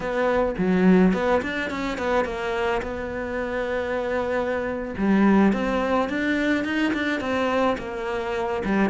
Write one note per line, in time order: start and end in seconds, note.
0.00 0.54 B3
0.57 1.13 F#3
1.13 1.41 B3
1.42 1.70 D4
1.70 1.98 C#4
1.98 2.24 B3
2.24 2.81 A#3
2.82 4.94 B3
4.97 5.52 G3
5.52 6.09 C4
6.09 6.64 D4
6.64 6.92 D#4
6.93 7.20 D4
7.20 7.76 C4
7.78 8.63 A#3
8.64 8.89 G3